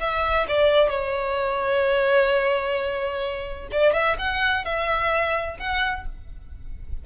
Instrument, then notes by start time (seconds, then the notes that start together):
violin
0.00 E5
0.48 D5
0.90 C#5
3.71 D5
3.93 E5
4.18 F#5
4.65 E5
5.59 F#5